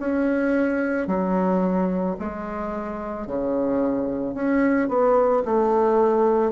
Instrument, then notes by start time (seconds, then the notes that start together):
bassoon
0.00 C#4
1.08 F#3
2.20 G#3
3.27 C#3
4.35 C#4
4.89 B3
5.45 A3